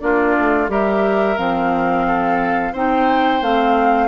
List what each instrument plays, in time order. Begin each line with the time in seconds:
0.00 bassoon A#3, clarinet D4, oboe F4, flute D5
0.38 bassoon A3
0.68 bassoon G3, clarinet G4, oboe A#4, flute E5
1.37 bassoon F3, clarinet C4, flute F5
2.07 oboe A4
2.72 bassoon C4, clarinet D#4, oboe C5, flute G5
3.41 bassoon A3, clarinet C4, flute F5